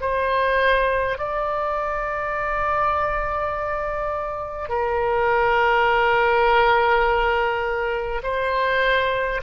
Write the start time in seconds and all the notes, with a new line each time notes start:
0.00 C5
1.18 D5
4.68 A#4
8.23 C5